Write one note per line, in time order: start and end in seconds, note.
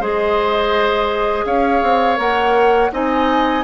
0.00 1.45 G#3
0.00 2.16 G#4
0.00 1.45 C5
0.00 1.46 D#5
1.45 1.81 C#4
1.45 2.91 C#5
1.45 2.18 F5
1.83 2.18 C4
2.16 2.91 A#3
2.16 2.89 A#4
2.16 2.92 F#5
2.92 3.64 C4
2.92 3.64 D#4
2.92 3.64 D#5
2.92 3.64 G#5